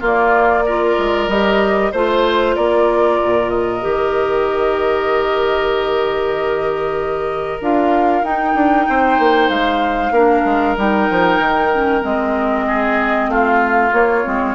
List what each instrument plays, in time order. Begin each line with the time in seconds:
0.00 bassoon A#3, clarinet A#3, oboe F4
0.06 flute D5
0.66 clarinet F4, oboe A#4
0.98 bassoon G#3
1.27 bassoon G3, clarinet G4, flute D#5
1.91 bassoon A3, clarinet F4, oboe C5, flute C5
2.56 bassoon A#3, oboe A#4, flute D5
3.23 bassoon A#2
3.49 flute D#5
3.80 bassoon D#3, clarinet G4
7.61 bassoon D4, clarinet F4, flute F5
8.22 bassoon D#4, clarinet D#4, flute G5
8.54 bassoon D4
8.89 bassoon C4, oboe C5
9.19 bassoon A#3
9.49 bassoon G#3, flute F5
10.11 bassoon A#3, clarinet D4, oboe A#4
10.45 bassoon G#3
10.77 bassoon G3, clarinet D#4, flute G5
11.10 bassoon F3
11.39 bassoon D#3
11.73 clarinet C#4
12.00 bassoon G#3, clarinet C4, flute D#5
12.67 oboe G#4
13.28 bassoon A3, oboe F4, flute F5
13.92 clarinet A#3, bassoon A#3, flute C#5
14.24 bassoon G#3, clarinet C4